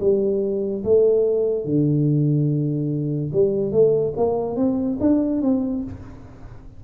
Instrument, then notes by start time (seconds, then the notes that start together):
tuba
0.00 G3
0.84 A3
1.65 D3
3.33 G3
3.72 A3
4.17 A#3
4.56 C4
5.00 D4
5.42 C4